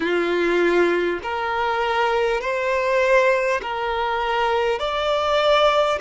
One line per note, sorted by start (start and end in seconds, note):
0.00 1.20 F4
1.22 2.41 A#4
2.41 3.61 C5
3.62 4.79 A#4
4.79 5.99 D5